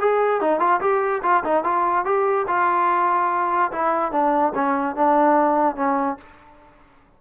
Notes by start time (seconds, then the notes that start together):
0.00 G#4
0.41 D#4
0.60 F4
0.81 G4
1.23 F4
1.44 D#4
1.64 F4
2.05 G4
2.48 F4
3.72 E4
4.12 D4
4.55 C#4
4.96 D4
5.76 C#4